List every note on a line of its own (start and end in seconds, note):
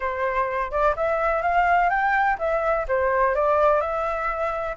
0.00 0.71 C5
0.71 0.95 D5
0.95 1.42 E5
1.42 1.89 F5
1.89 2.37 G5
2.38 2.86 E5
2.87 3.35 C5
3.35 3.81 D5
3.81 4.76 E5